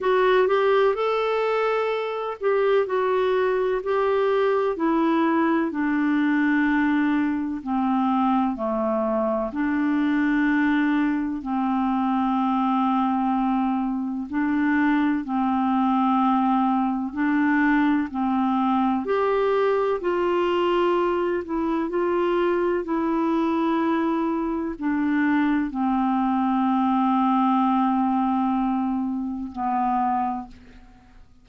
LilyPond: \new Staff \with { instrumentName = "clarinet" } { \time 4/4 \tempo 4 = 63 fis'8 g'8 a'4. g'8 fis'4 | g'4 e'4 d'2 | c'4 a4 d'2 | c'2. d'4 |
c'2 d'4 c'4 | g'4 f'4. e'8 f'4 | e'2 d'4 c'4~ | c'2. b4 | }